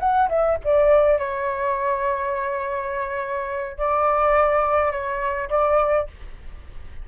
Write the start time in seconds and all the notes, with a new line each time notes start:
0.00 F#5
0.29 E5
0.65 D5
1.19 C#5
3.78 D5
4.91 C#5
5.50 D5